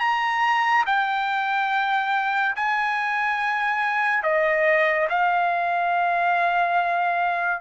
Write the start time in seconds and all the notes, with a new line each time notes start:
0.00 A#5
0.86 G5
2.56 G#5
4.23 D#5
5.09 F5